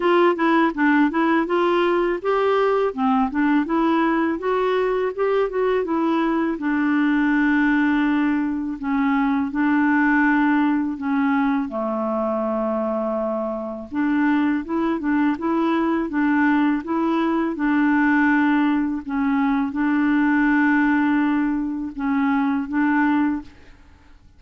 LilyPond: \new Staff \with { instrumentName = "clarinet" } { \time 4/4 \tempo 4 = 82 f'8 e'8 d'8 e'8 f'4 g'4 | c'8 d'8 e'4 fis'4 g'8 fis'8 | e'4 d'2. | cis'4 d'2 cis'4 |
a2. d'4 | e'8 d'8 e'4 d'4 e'4 | d'2 cis'4 d'4~ | d'2 cis'4 d'4 | }